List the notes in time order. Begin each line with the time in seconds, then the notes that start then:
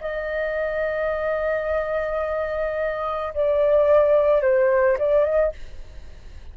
0.00 D#5
3.33 D5
4.41 C5
4.98 D5
5.24 D#5